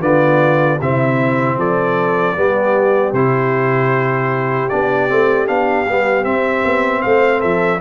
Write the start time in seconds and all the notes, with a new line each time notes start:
0.00 D3 B3 F4 D5
0.81 C3 C4 E4 E5
1.57 F3 A4 D5
2.36 G3 B3 G4
3.12 C3 E4 C5
4.69 B3 D4 D5
5.08 A3 C4
5.46 B3 D4 F5
5.87 G3 B3
6.24 C4 E5
6.64 B3
7.01 A3 C5 F5
7.39 F3 A4 E5